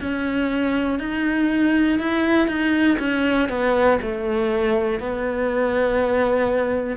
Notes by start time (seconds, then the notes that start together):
0.00 C#4
0.99 D#4
1.99 E4
2.47 D#4
2.99 C#4
3.49 B3
4.01 A3
4.99 B3